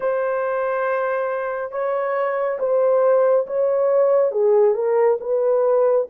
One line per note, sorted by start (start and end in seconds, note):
0.00 1.71 C5
1.71 2.58 C#5
2.59 3.46 C5
3.47 4.31 C#5
4.31 4.74 G#4
4.74 5.17 A#4
5.20 6.07 B4